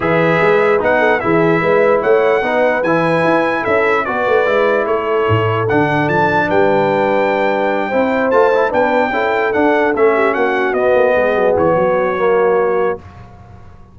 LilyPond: <<
  \new Staff \with { instrumentName = "trumpet" } { \time 4/4 \tempo 4 = 148 e''2 fis''4 e''4~ | e''4 fis''2 gis''4~ | gis''4 e''4 d''2 | cis''2 fis''4 a''4 |
g''1~ | g''8 a''4 g''2 fis''8~ | fis''8 e''4 fis''4 dis''4.~ | dis''8 cis''2.~ cis''8 | }
  \new Staff \with { instrumentName = "horn" } { \time 4/4 b'2~ b'8 a'8 gis'4 | b'4 cis''4 b'2~ | b'4 a'4 b'2 | a'1 |
b'2.~ b'8 c''8~ | c''4. b'4 a'4.~ | a'4 g'8 fis'2 gis'8~ | gis'4 fis'2. | }
  \new Staff \with { instrumentName = "trombone" } { \time 4/4 gis'2 dis'4 e'4~ | e'2 dis'4 e'4~ | e'2 fis'4 e'4~ | e'2 d'2~ |
d'2.~ d'8 e'8~ | e'8 f'8 e'8 d'4 e'4 d'8~ | d'8 cis'2 b4.~ | b2 ais2 | }
  \new Staff \with { instrumentName = "tuba" } { \time 4/4 e4 gis4 b4 e4 | gis4 a4 b4 e4 | e'4 cis'4 b8 a8 gis4 | a4 a,4 d4 f4 |
g2.~ g8 c'8~ | c'8 a4 b4 cis'4 d'8~ | d'8 a4 ais4 b8 ais8 gis8 | fis8 e8 fis2. | }
>>